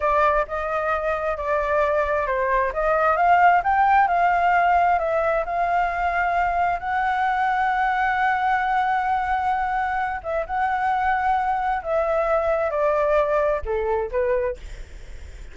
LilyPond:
\new Staff \with { instrumentName = "flute" } { \time 4/4 \tempo 4 = 132 d''4 dis''2 d''4~ | d''4 c''4 dis''4 f''4 | g''4 f''2 e''4 | f''2. fis''4~ |
fis''1~ | fis''2~ fis''8 e''8 fis''4~ | fis''2 e''2 | d''2 a'4 b'4 | }